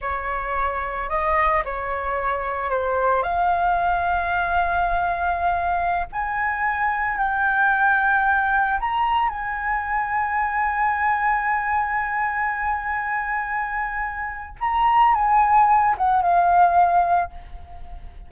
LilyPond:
\new Staff \with { instrumentName = "flute" } { \time 4/4 \tempo 4 = 111 cis''2 dis''4 cis''4~ | cis''4 c''4 f''2~ | f''2.~ f''16 gis''8.~ | gis''4~ gis''16 g''2~ g''8.~ |
g''16 ais''4 gis''2~ gis''8.~ | gis''1~ | gis''2. ais''4 | gis''4. fis''8 f''2 | }